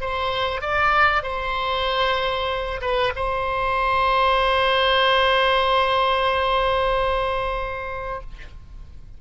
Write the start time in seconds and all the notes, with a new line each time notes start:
0.00 C5
0.61 D5
1.22 C5
2.80 B4
3.16 C5